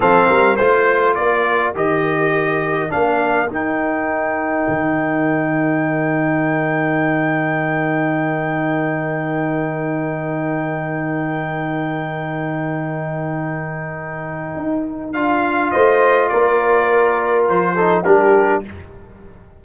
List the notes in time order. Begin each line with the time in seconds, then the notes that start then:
0.00 F3 C4 A4 F5
0.27 G3 A#4
0.56 A3 F4 C5
1.14 A#3 A#4 D5
1.74 D#3 G4 D#5
2.89 A#3 D4 F5
3.50 D#4 G5
4.68 D#3
14.56 D#4
15.12 D4 F4 F5
15.71 A3 C5 D#5
16.28 A#3 A#4 D5
17.49 F3 C5
17.75 D#4 A4
18.04 G3 D4 G4 A#4